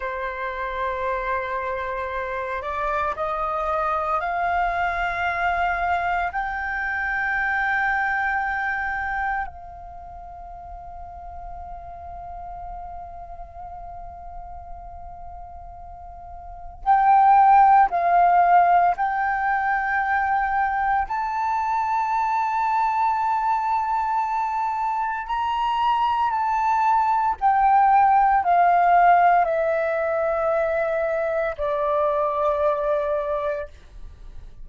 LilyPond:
\new Staff \with { instrumentName = "flute" } { \time 4/4 \tempo 4 = 57 c''2~ c''8 d''8 dis''4 | f''2 g''2~ | g''4 f''2.~ | f''1 |
g''4 f''4 g''2 | a''1 | ais''4 a''4 g''4 f''4 | e''2 d''2 | }